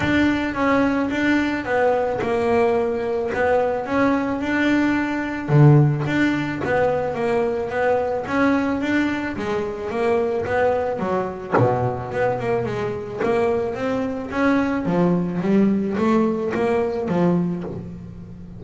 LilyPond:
\new Staff \with { instrumentName = "double bass" } { \time 4/4 \tempo 4 = 109 d'4 cis'4 d'4 b4 | ais2 b4 cis'4 | d'2 d4 d'4 | b4 ais4 b4 cis'4 |
d'4 gis4 ais4 b4 | fis4 b,4 b8 ais8 gis4 | ais4 c'4 cis'4 f4 | g4 a4 ais4 f4 | }